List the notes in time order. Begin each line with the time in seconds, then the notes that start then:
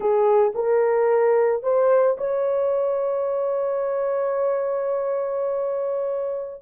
0.00 G#4
0.55 A#4
1.62 C5
2.17 C#5